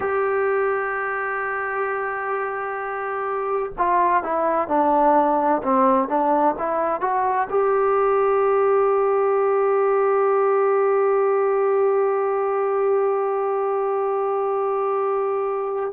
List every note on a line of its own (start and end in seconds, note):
0.00 3.72 G4
3.78 4.23 F4
4.23 4.68 E4
4.68 5.62 D4
5.62 6.08 C4
6.08 6.55 D4
6.58 7.01 E4
7.01 7.47 F#4
7.49 15.92 G4